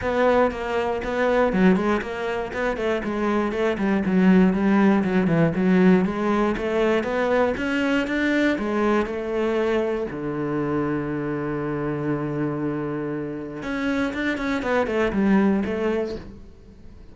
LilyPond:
\new Staff \with { instrumentName = "cello" } { \time 4/4 \tempo 4 = 119 b4 ais4 b4 fis8 gis8 | ais4 b8 a8 gis4 a8 g8 | fis4 g4 fis8 e8 fis4 | gis4 a4 b4 cis'4 |
d'4 gis4 a2 | d1~ | d2. cis'4 | d'8 cis'8 b8 a8 g4 a4 | }